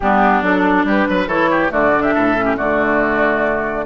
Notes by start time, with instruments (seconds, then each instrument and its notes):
0.00 bassoon G3, clarinet B3, oboe D4, flute G4
0.42 bassoon F#3, clarinet D4, flute A4
0.84 bassoon G3, oboe G4, flute B4
1.08 bassoon F#3, oboe B4
1.26 bassoon E3, clarinet E4, oboe A4, flute C#5
1.50 oboe G4
1.69 bassoon D3, clarinet A3, oboe F#4, flute D5
1.97 clarinet D4, oboe G4, flute E5
2.14 bassoon A2, oboe A4
2.37 clarinet C#4
2.44 oboe G4
2.56 bassoon D3, clarinet A3, oboe F#4, flute D5